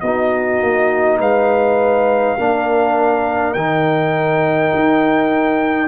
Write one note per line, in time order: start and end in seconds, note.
0.00 0.60 B3
0.00 2.38 D#4
0.00 1.19 F#4
0.00 1.18 D#5
0.60 1.19 A#3
1.19 2.37 G#3
1.19 2.36 B4
1.19 3.53 F5
2.37 3.55 A#3
2.37 3.56 D4
2.37 5.88 A#4
3.53 4.72 D#3
3.53 5.88 D#4
3.53 5.88 G5
4.74 5.88 D#4